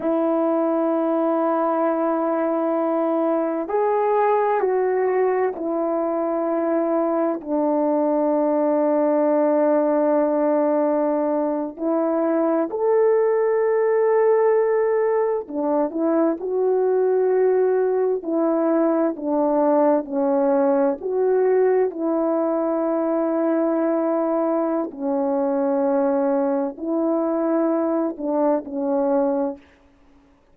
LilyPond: \new Staff \with { instrumentName = "horn" } { \time 4/4 \tempo 4 = 65 e'1 | gis'4 fis'4 e'2 | d'1~ | d'8. e'4 a'2~ a'16~ |
a'8. d'8 e'8 fis'2 e'16~ | e'8. d'4 cis'4 fis'4 e'16~ | e'2. cis'4~ | cis'4 e'4. d'8 cis'4 | }